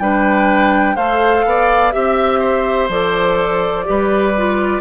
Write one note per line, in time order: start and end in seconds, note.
0.00 0.97 G3
0.00 0.98 D4
0.00 0.96 B4
0.00 0.97 G5
0.96 1.45 A3
0.96 1.93 A4
0.96 1.44 C5
0.96 1.92 F5
1.45 1.94 B3
1.45 1.94 D5
1.92 2.89 C4
1.92 2.90 G4
1.92 2.89 E5
1.92 2.40 E5
2.40 3.85 C5
2.89 3.86 F3
2.89 3.85 A4
2.89 4.81 D5
3.85 4.81 G3
3.85 4.33 G4
3.85 4.81 B4
4.38 4.81 F4